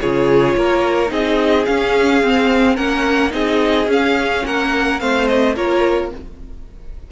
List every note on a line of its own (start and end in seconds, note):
0.00 0.55 C#3
0.00 1.07 F4
0.00 0.56 G#4
0.00 1.11 C#5
0.55 1.10 A#3
0.55 1.11 A#4
1.07 1.66 C4
1.07 1.63 D#4
1.07 2.75 G#4
1.07 1.65 D#5
1.65 2.22 C#4
1.65 2.76 F5
2.22 2.76 C4
2.22 2.77 C4
2.75 3.33 A#3
2.75 3.30 C#4
2.75 3.30 A#4
2.75 3.31 F#5
3.30 3.86 C4
3.30 3.86 D#4
3.30 4.44 G#4
3.30 3.89 D#5
3.86 4.42 C#4
3.86 4.99 C#4
3.86 4.45 F5
4.45 5.00 A#3
4.45 5.00 A#4
4.45 4.99 F#5
4.99 5.55 A3
4.99 5.55 C4
4.99 5.55 C5
4.99 5.27 F5
5.27 5.55 D#5
5.55 6.11 A#3
5.55 6.11 F4
5.55 6.10 A#4
5.55 6.11 C#5